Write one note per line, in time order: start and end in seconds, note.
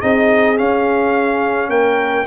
0.00 0.59 C4
0.00 0.56 D#4
0.00 1.69 G#4
0.00 0.57 D#5
0.56 2.26 C#4
0.56 1.69 C#4
0.56 1.70 F5
1.69 2.25 A#3
1.69 2.26 A#4
1.69 2.26 G5